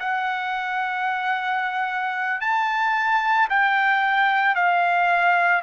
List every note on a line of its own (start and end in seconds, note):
0.00 2.41 F#5
2.41 3.48 A5
3.50 4.55 G5
4.55 5.62 F5